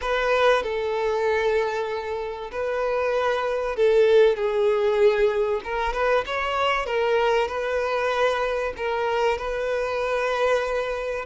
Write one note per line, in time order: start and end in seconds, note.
0.01 0.63 B4
0.63 2.50 A4
2.51 3.76 B4
3.76 4.36 A4
4.36 5.61 G#4
5.63 5.93 A#4
5.93 6.24 B4
6.26 6.86 C#5
6.86 7.48 A#4
7.48 8.73 B4
8.76 9.38 A#4
9.38 11.25 B4